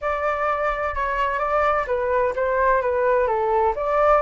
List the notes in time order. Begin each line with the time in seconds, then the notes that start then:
0.01 D5
0.95 C#5
1.38 D5
1.86 B4
2.35 C5
2.81 B4
3.27 A4
3.75 D5